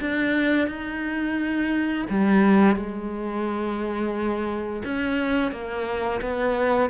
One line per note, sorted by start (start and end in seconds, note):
0.00 0.67 D4
0.67 2.05 D#4
2.09 2.76 G3
2.76 4.83 G#3
4.84 5.52 C#4
5.52 6.21 A#3
6.21 6.90 B3